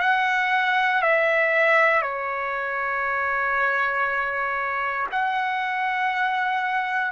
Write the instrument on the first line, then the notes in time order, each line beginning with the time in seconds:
trumpet
0.00 F#5
1.02 E5
2.02 C#5
5.12 F#5